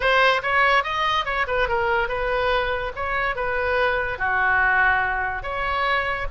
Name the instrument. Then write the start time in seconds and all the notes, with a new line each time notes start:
oboe
0.00 C5
0.42 C#5
0.83 D#5
1.25 C#5
1.47 B4
1.68 A#4
2.08 B4
2.95 C#5
3.35 B4
4.18 F#4
5.43 C#5